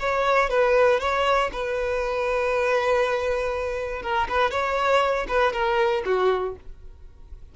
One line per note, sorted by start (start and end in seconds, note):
0.00 0.50 C#5
0.50 1.00 B4
1.01 1.51 C#5
1.53 4.03 B4
4.03 4.28 A#4
4.29 4.51 B4
4.51 5.27 C#5
5.28 5.53 B4
5.53 6.04 A#4
6.06 6.56 F#4